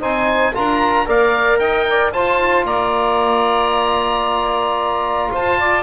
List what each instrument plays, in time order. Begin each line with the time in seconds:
0.00 double bass C4, trombone D#4, saxophone C5, oboe G#5
0.55 double bass D4, trombone F4, saxophone A#4, oboe A#5
1.06 double bass A#3, trombone A#4, saxophone D5, oboe F5
1.59 double bass D#4, saxophone D#5, oboe G5
1.89 saxophone D5
2.13 trombone F4, double bass F4, saxophone C5, oboe A5
2.64 double bass A#3, saxophone D5, oboe A#5
5.33 double bass F4, saxophone C5, oboe A5
5.59 saxophone D5